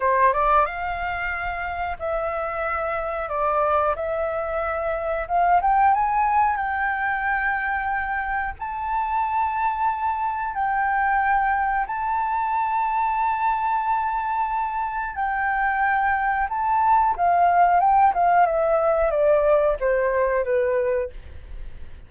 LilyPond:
\new Staff \with { instrumentName = "flute" } { \time 4/4 \tempo 4 = 91 c''8 d''8 f''2 e''4~ | e''4 d''4 e''2 | f''8 g''8 gis''4 g''2~ | g''4 a''2. |
g''2 a''2~ | a''2. g''4~ | g''4 a''4 f''4 g''8 f''8 | e''4 d''4 c''4 b'4 | }